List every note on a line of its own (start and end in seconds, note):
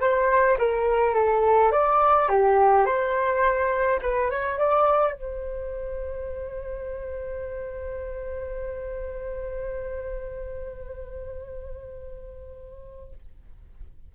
0.00 0.57 C5
0.58 1.14 A#4
1.14 1.71 A4
1.72 2.29 D5
2.29 2.85 G4
2.85 4.00 C5
4.02 4.30 B4
4.30 4.58 C#5
4.58 5.13 D5
5.13 13.13 C5